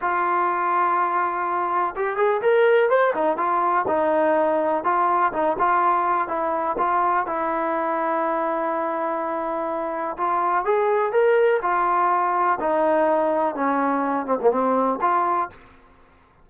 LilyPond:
\new Staff \with { instrumentName = "trombone" } { \time 4/4 \tempo 4 = 124 f'1 | g'8 gis'8 ais'4 c''8 dis'8 f'4 | dis'2 f'4 dis'8 f'8~ | f'4 e'4 f'4 e'4~ |
e'1~ | e'4 f'4 gis'4 ais'4 | f'2 dis'2 | cis'4. c'16 ais16 c'4 f'4 | }